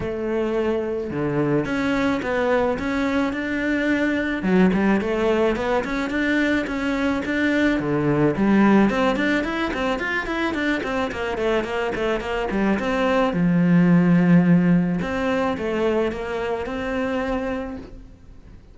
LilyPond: \new Staff \with { instrumentName = "cello" } { \time 4/4 \tempo 4 = 108 a2 d4 cis'4 | b4 cis'4 d'2 | fis8 g8 a4 b8 cis'8 d'4 | cis'4 d'4 d4 g4 |
c'8 d'8 e'8 c'8 f'8 e'8 d'8 c'8 | ais8 a8 ais8 a8 ais8 g8 c'4 | f2. c'4 | a4 ais4 c'2 | }